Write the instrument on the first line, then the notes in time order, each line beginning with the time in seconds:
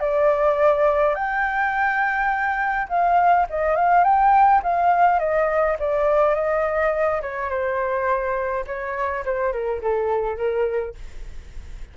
flute
0.00 D5
1.15 G5
2.88 F5
3.49 D#5
3.76 F5
4.04 G5
4.63 F5
5.19 D#5
5.79 D5
6.35 D#5
7.21 C#5
7.49 C5
8.67 C#5
9.25 C5
9.52 A#4
9.82 A4
10.37 A#4